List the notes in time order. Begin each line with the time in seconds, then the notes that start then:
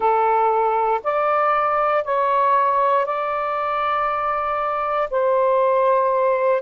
0.00 A4
1.03 D5
2.04 C#5
3.05 D5
5.10 C5